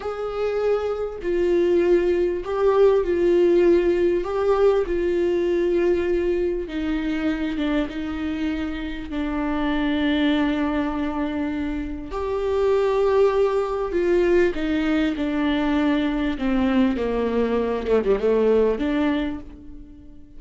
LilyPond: \new Staff \with { instrumentName = "viola" } { \time 4/4 \tempo 4 = 99 gis'2 f'2 | g'4 f'2 g'4 | f'2. dis'4~ | dis'8 d'8 dis'2 d'4~ |
d'1 | g'2. f'4 | dis'4 d'2 c'4 | ais4. a16 g16 a4 d'4 | }